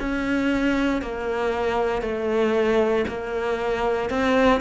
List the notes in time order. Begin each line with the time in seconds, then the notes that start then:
0.00 C#4
1.02 A#3
2.02 A3
3.08 A#3
4.10 C4